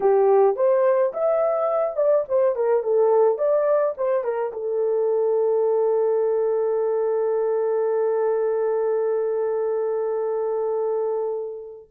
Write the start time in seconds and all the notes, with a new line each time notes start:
0.00 G4
0.56 C5
1.13 E5
1.96 D5
2.28 C5
2.55 A#4
2.83 A4
3.38 D5
3.97 C5
4.23 A#4
4.53 A4